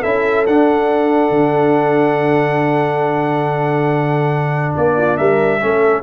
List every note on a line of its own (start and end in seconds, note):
0.00 0.47 C#4
0.00 0.46 E4
0.00 4.93 A4
0.00 0.45 E5
0.46 1.30 D4
0.46 5.60 D4
0.46 4.75 F#5
1.30 4.73 D3
4.76 5.19 A#3
4.76 5.17 D5
4.97 5.18 F4
5.17 5.62 G3
5.17 5.61 A#4
5.17 6.02 E5
5.60 6.02 A3
5.60 6.02 C#4
5.60 6.02 A4